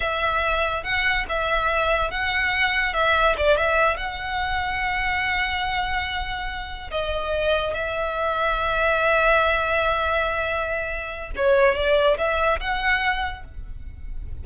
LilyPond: \new Staff \with { instrumentName = "violin" } { \time 4/4 \tempo 4 = 143 e''2 fis''4 e''4~ | e''4 fis''2 e''4 | d''8 e''4 fis''2~ fis''8~ | fis''1~ |
fis''8 dis''2 e''4.~ | e''1~ | e''2. cis''4 | d''4 e''4 fis''2 | }